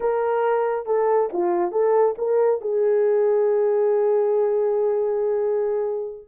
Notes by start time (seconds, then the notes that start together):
0.00 A#4
0.86 A4
1.32 F4
1.71 A4
2.18 A#4
2.61 G#4